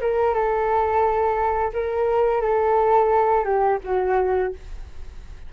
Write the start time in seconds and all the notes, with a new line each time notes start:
0.00 A#4
0.34 A4
1.73 A#4
2.41 A4
3.44 G4
3.84 F#4